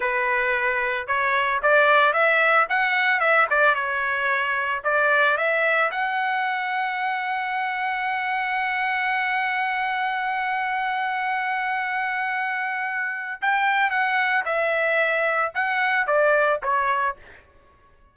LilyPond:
\new Staff \with { instrumentName = "trumpet" } { \time 4/4 \tempo 4 = 112 b'2 cis''4 d''4 | e''4 fis''4 e''8 d''8 cis''4~ | cis''4 d''4 e''4 fis''4~ | fis''1~ |
fis''1~ | fis''1~ | fis''4 g''4 fis''4 e''4~ | e''4 fis''4 d''4 cis''4 | }